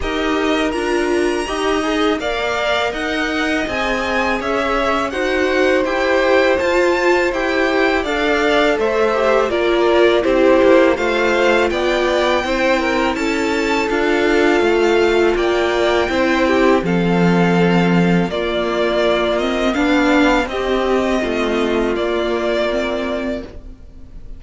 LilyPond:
<<
  \new Staff \with { instrumentName = "violin" } { \time 4/4 \tempo 4 = 82 dis''4 ais''2 f''4 | fis''4 gis''4 e''4 fis''4 | g''4 a''4 g''4 f''4 | e''4 d''4 c''4 f''4 |
g''2 a''4 f''4~ | f''4 g''2 f''4~ | f''4 d''4. dis''8 f''4 | dis''2 d''2 | }
  \new Staff \with { instrumentName = "violin" } { \time 4/4 ais'2 dis''4 d''4 | dis''2 cis''4 c''4~ | c''2. d''4 | c''4 ais'4 g'4 c''4 |
d''4 c''8 ais'8 a'2~ | a'4 d''4 c''8 g'8 a'4~ | a'4 f'2 d'4 | g'4 f'2. | }
  \new Staff \with { instrumentName = "viola" } { \time 4/4 g'4 f'4 g'8 gis'8 ais'4~ | ais'4 gis'2 fis'4 | g'4 f'4 g'4 a'4~ | a'8 g'8 f'4 e'4 f'4~ |
f'4 e'2 f'4~ | f'2 e'4 c'4~ | c'4 ais4. c'8 d'4 | c'2 ais4 c'4 | }
  \new Staff \with { instrumentName = "cello" } { \time 4/4 dis'4 d'4 dis'4 ais4 | dis'4 c'4 cis'4 dis'4 | e'4 f'4 e'4 d'4 | a4 ais4 c'8 ais8 a4 |
b4 c'4 cis'4 d'4 | a4 ais4 c'4 f4~ | f4 ais2 b4 | c'4 a4 ais2 | }
>>